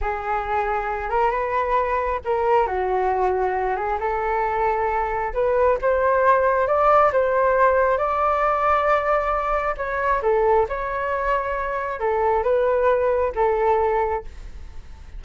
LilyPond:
\new Staff \with { instrumentName = "flute" } { \time 4/4 \tempo 4 = 135 gis'2~ gis'8 ais'8 b'4~ | b'4 ais'4 fis'2~ | fis'8 gis'8 a'2. | b'4 c''2 d''4 |
c''2 d''2~ | d''2 cis''4 a'4 | cis''2. a'4 | b'2 a'2 | }